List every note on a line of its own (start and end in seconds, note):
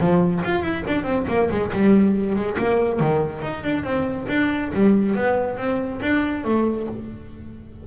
0.00 0.43 F3
0.44 0.62 F4
0.62 0.83 E4
0.87 1.03 D4
1.03 1.25 C4
1.28 1.49 A#3
1.50 1.72 G#3
1.73 2.35 G3
2.35 2.57 G#3
2.58 3.00 A#3
3.00 3.42 D#3
3.42 3.63 D#4
3.64 3.84 D4
3.84 4.26 C4
4.29 4.71 D4
4.73 5.15 G3
5.15 5.57 B3
5.57 6.00 C4
6.01 6.44 D4
6.44 6.87 A3